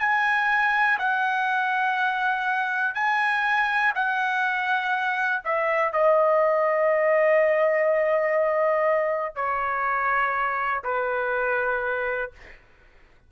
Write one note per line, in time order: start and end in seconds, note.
0.00 0.98 G#5
0.99 2.94 F#5
2.94 3.93 G#5
3.95 5.42 F#5
5.45 5.92 E5
5.92 9.35 D#5
9.35 10.83 C#5
10.84 12.31 B4